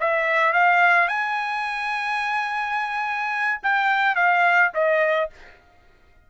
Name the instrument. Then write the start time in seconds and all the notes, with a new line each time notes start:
trumpet
0.00 E5
0.53 F5
1.08 G#5
3.63 G5
4.15 F5
4.74 D#5